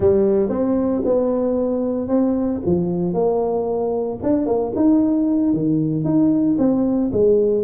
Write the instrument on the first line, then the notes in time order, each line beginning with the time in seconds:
tuba
0.00 G3
0.49 C4
1.05 B3
2.08 C4
2.65 F3
3.13 A#3
4.22 D4
4.46 A#3
4.75 D#4
5.53 D#3
6.04 D#4
6.58 C4
7.12 G#3